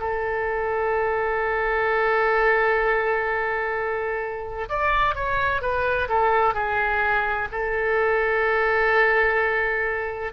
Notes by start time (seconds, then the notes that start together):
0.00 A4
4.69 D5
5.15 C#5
5.61 B4
6.09 A4
6.54 G#4
7.51 A4